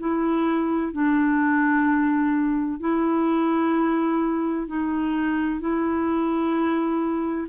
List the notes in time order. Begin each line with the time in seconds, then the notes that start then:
0.00 E4
0.93 D4
2.80 E4
4.67 D#4
5.60 E4